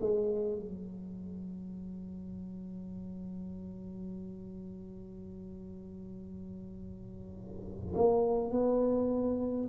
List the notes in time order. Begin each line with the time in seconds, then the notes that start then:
0.00 G#3
0.59 F#3
7.95 A#3
8.51 B3